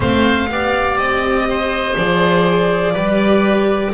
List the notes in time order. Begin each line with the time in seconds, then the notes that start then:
0.00 A3 C4 C5 F5
0.49 B3 G4 D5
0.97 C4 D#5
1.49 C5
1.96 F3 G#4 D5
2.93 G3 G4 B4